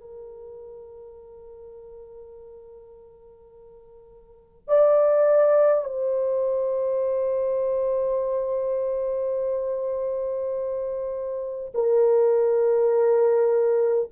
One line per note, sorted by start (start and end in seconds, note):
0.00 4.68 A#4
4.68 5.84 D5
5.84 11.73 C5
11.74 14.10 A#4